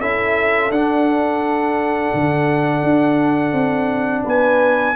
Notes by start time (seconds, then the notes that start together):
0.00 C#4 E4 A4 E5
0.70 D4 F#5
2.14 D3
2.83 D4
3.53 C4
4.24 B3 B4 G#5